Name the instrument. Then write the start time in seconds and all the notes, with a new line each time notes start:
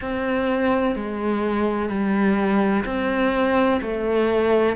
cello
0.01 C4
0.95 G#3
1.89 G3
2.85 C4
3.81 A3